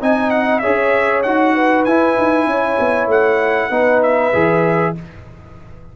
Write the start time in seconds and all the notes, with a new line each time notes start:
0.00 C4 D#4 D#5 G#5
0.30 F#5
0.59 G#4 C#5 E5
0.66 C#4
1.22 D#4 F#4 F#5
1.54 B4
1.84 E4 G#5
2.18 D#4
2.46 C#4 C#5
2.79 B3
3.07 A3 F#5
3.69 B3 D#4 B4
4.02 E5
4.33 E3 G#4